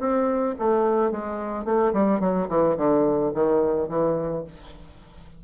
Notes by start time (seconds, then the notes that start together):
0.00 C4
0.59 A3
1.12 G#3
1.65 A3
1.93 G3
2.20 F#3
2.49 E3
2.77 D3
3.34 D#3
3.89 E3